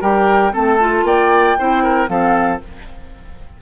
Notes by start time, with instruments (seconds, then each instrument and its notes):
0.00 bassoon G3, clarinet G4, oboe A#4, flute G5
0.52 bassoon A3, clarinet C4, oboe A4, flute A5
0.79 clarinet F4
1.03 bassoon A#3, oboe D5, flute G5
1.58 bassoon C4, clarinet E4, oboe C5
1.83 oboe A#4
2.07 bassoon F3, clarinet C4, oboe A4, flute F5